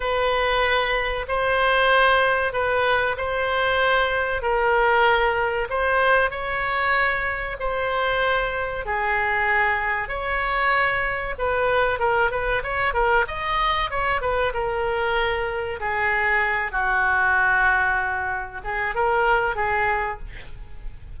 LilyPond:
\new Staff \with { instrumentName = "oboe" } { \time 4/4 \tempo 4 = 95 b'2 c''2 | b'4 c''2 ais'4~ | ais'4 c''4 cis''2 | c''2 gis'2 |
cis''2 b'4 ais'8 b'8 | cis''8 ais'8 dis''4 cis''8 b'8 ais'4~ | ais'4 gis'4. fis'4.~ | fis'4. gis'8 ais'4 gis'4 | }